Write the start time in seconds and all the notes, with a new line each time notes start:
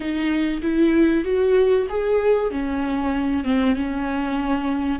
0.00 D#4
0.62 E4
1.24 F#4
1.89 G#4
2.51 C#4
3.44 C4
3.75 C#4